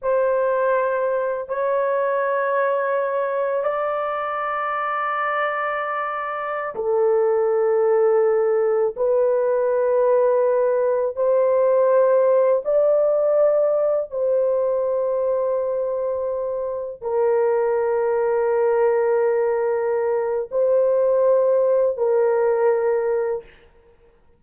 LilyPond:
\new Staff \with { instrumentName = "horn" } { \time 4/4 \tempo 4 = 82 c''2 cis''2~ | cis''4 d''2.~ | d''4~ d''16 a'2~ a'8.~ | a'16 b'2. c''8.~ |
c''4~ c''16 d''2 c''8.~ | c''2.~ c''16 ais'8.~ | ais'1 | c''2 ais'2 | }